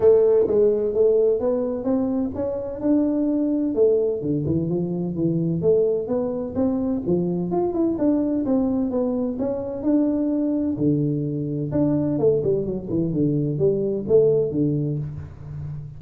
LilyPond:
\new Staff \with { instrumentName = "tuba" } { \time 4/4 \tempo 4 = 128 a4 gis4 a4 b4 | c'4 cis'4 d'2 | a4 d8 e8 f4 e4 | a4 b4 c'4 f4 |
f'8 e'8 d'4 c'4 b4 | cis'4 d'2 d4~ | d4 d'4 a8 g8 fis8 e8 | d4 g4 a4 d4 | }